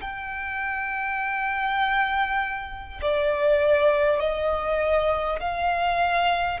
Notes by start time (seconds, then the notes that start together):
0.00 G5
3.01 D5
4.19 D#5
5.39 F5